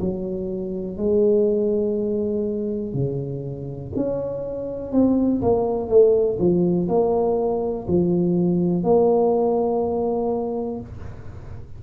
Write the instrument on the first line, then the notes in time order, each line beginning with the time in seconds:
tuba
0.00 F#3
0.97 G#3
2.93 C#3
3.96 C#4
4.92 C4
5.42 A#3
5.89 A3
6.39 F3
6.89 A#3
7.87 F3
8.83 A#3